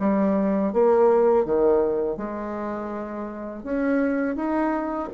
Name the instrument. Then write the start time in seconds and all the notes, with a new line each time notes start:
bassoon
0.00 G3
0.74 A#3
1.45 D#3
2.18 G#3
3.64 C#4
4.36 D#4